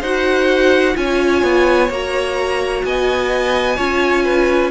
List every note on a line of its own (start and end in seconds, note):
0.00 0.95 D#4
0.00 0.95 F#4
0.00 0.94 C5
0.00 0.96 F#5
0.95 1.42 C#4
0.95 1.88 F4
0.95 2.85 C#5
0.95 1.90 G#5
1.42 1.89 B3
1.89 2.83 A#3
1.89 3.78 F#4
1.89 2.85 A#5
2.84 3.78 B3
2.84 3.76 D#5
2.84 4.71 G#5
3.76 4.71 C#4
3.76 4.71 F4
3.76 4.23 C#5
4.23 4.70 B4